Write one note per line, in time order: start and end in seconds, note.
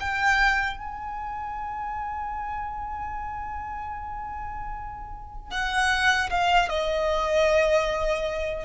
0.00 0.78 G5
0.78 5.50 G#5
5.50 6.29 F#5
6.30 6.69 F5
6.69 8.65 D#5